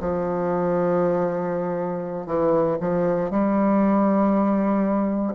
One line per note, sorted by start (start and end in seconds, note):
0.00 2.27 F3
2.27 2.77 E3
2.81 3.31 F3
3.31 5.34 G3